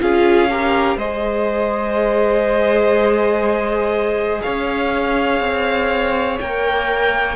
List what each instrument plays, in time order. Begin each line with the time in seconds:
0.00 cello C#4, viola F4, violin G#4 F5
0.51 viola G4, violin A#4
0.96 cello G#3, viola G#4, violin C5 D#5
4.42 cello C#4, violin C#5 F5
5.40 cello C4
6.41 cello A#3, viola A#4, violin G5